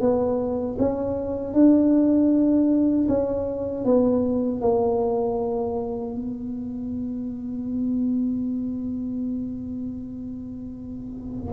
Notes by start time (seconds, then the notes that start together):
0.00 B3
0.78 C#4
1.53 D4
3.08 C#4
3.85 B3
4.61 A#3
6.15 B3